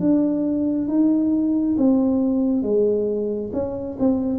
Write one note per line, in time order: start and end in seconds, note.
0.00 0.88 D4
0.88 1.76 D#4
1.78 2.63 C4
2.63 3.51 G#3
3.53 3.97 C#4
3.99 4.39 C4